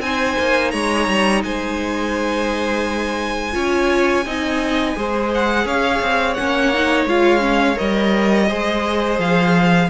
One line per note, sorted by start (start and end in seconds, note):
0.00 0.35 C4
0.00 3.52 D#4
0.00 0.72 C5
0.00 0.71 G#5
0.39 0.73 A#3
0.71 1.08 G#3
0.71 1.42 C#5
0.71 1.41 A#5
1.08 1.43 G3
1.44 3.55 G#3
1.44 3.54 C5
1.44 5.32 G#5
3.52 4.25 C#4
3.52 4.23 F4
3.52 4.25 C#5
4.25 4.96 C4
4.25 4.96 D#4
4.25 4.96 D#5
4.96 5.65 G#3
4.96 6.37 G#4
4.96 5.66 C5
5.35 5.67 F#5
5.65 6.01 C#4
5.65 8.48 C#5
5.65 6.34 F5
6.01 6.37 C4
6.34 7.05 A#3
6.34 6.73 C#4
6.34 7.05 F#5
6.73 7.08 D#4
7.05 7.76 G#3
7.05 7.39 F4
7.05 7.78 F5
7.39 7.75 C#4
7.76 8.51 G3
7.76 8.46 A#4
7.76 9.19 D#5
8.48 9.19 G#3
8.48 9.90 G#4
8.48 9.89 C5
9.19 9.89 F3
9.19 9.90 F5